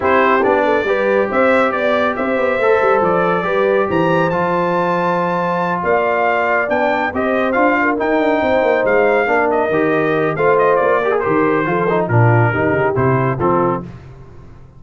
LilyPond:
<<
  \new Staff \with { instrumentName = "trumpet" } { \time 4/4 \tempo 4 = 139 c''4 d''2 e''4 | d''4 e''2 d''4~ | d''4 ais''4 a''2~ | a''4. f''2 g''8~ |
g''8 dis''4 f''4 g''4.~ | g''8 f''4. dis''2 | f''8 dis''8 d''4 c''2 | ais'2 c''4 a'4 | }
  \new Staff \with { instrumentName = "horn" } { \time 4/4 g'4. a'8 b'4 c''4 | d''4 c''2. | b'4 c''2.~ | c''4. d''2~ d''8~ |
d''8 c''4. ais'4. c''8~ | c''4. ais'2~ ais'8 | c''4. ais'4. a'4 | f'4 g'2 f'4 | }
  \new Staff \with { instrumentName = "trombone" } { \time 4/4 e'4 d'4 g'2~ | g'2 a'2 | g'2 f'2~ | f'2.~ f'8 d'8~ |
d'8 g'4 f'4 dis'4.~ | dis'4. d'4 g'4. | f'4. g'16 gis'16 g'4 f'8 dis'8 | d'4 dis'4 e'4 c'4 | }
  \new Staff \with { instrumentName = "tuba" } { \time 4/4 c'4 b4 g4 c'4 | b4 c'8 b8 a8 g8 f4 | g4 e4 f2~ | f4. ais2 b8~ |
b8 c'4 d'4 dis'8 d'8 c'8 | ais8 gis4 ais4 dis4. | a4 ais4 dis4 f4 | ais,4 dis8 cis8 c4 f4 | }
>>